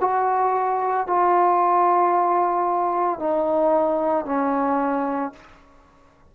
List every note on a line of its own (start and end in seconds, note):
0.00 1.07 F#4
1.07 3.19 F4
3.19 4.25 D#4
4.25 5.32 C#4